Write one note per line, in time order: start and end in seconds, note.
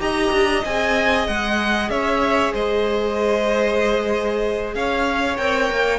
0.00 0.32 D#4
0.00 0.63 G4
0.00 1.91 D#5
0.00 0.65 A#5
0.32 0.64 D4
0.65 1.28 C4
0.65 5.38 G#4
0.65 1.28 G#5
1.28 1.90 G#3
1.28 1.90 F#5
1.90 2.53 C#4
1.90 2.54 C#5
1.90 2.54 E5
2.54 4.75 G#3
2.54 4.75 C5
2.54 4.75 D#5
4.75 5.39 C#4
4.75 5.99 C#5
4.75 5.37 F5
5.37 5.71 C4
5.37 5.99 A#4
5.37 5.99 G5
5.71 5.99 A#3